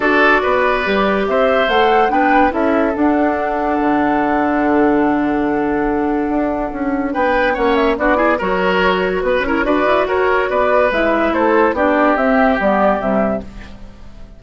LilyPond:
<<
  \new Staff \with { instrumentName = "flute" } { \time 4/4 \tempo 4 = 143 d''2. e''4 | fis''4 g''4 e''4 fis''4~ | fis''1~ | fis''1~ |
fis''4 g''4 fis''8 e''8 d''4 | cis''2 b'8 cis''8 d''4 | cis''4 d''4 e''4 c''4 | d''4 e''4 d''4 e''4 | }
  \new Staff \with { instrumentName = "oboe" } { \time 4/4 a'4 b'2 c''4~ | c''4 b'4 a'2~ | a'1~ | a'1~ |
a'4 b'4 cis''4 fis'8 gis'8 | ais'2 b'8 ais'8 b'4 | ais'4 b'2 a'4 | g'1 | }
  \new Staff \with { instrumentName = "clarinet" } { \time 4/4 fis'2 g'2 | a'4 d'4 e'4 d'4~ | d'1~ | d'1~ |
d'2 cis'4 d'8 e'8 | fis'2~ fis'8 e'8 fis'4~ | fis'2 e'2 | d'4 c'4 b4 g4 | }
  \new Staff \with { instrumentName = "bassoon" } { \time 4/4 d'4 b4 g4 c'4 | a4 b4 cis'4 d'4~ | d'4 d2.~ | d2. d'4 |
cis'4 b4 ais4 b4 | fis2 b8 cis'8 d'8 e'8 | fis'4 b4 gis4 a4 | b4 c'4 g4 c4 | }
>>